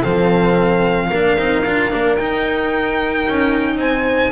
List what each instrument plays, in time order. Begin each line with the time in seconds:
0.00 double bass F3, cello C4, horn A4, violin F5
1.09 double bass A#3, cello D4, horn A#4
1.38 double bass C4, cello D#4
1.66 double bass D4, cello F4
1.91 double bass A#3, cello D4
2.16 cello D#4, double bass D#4, violin G5
3.28 double bass C#4
3.76 double bass C4, horn C5, violin G#5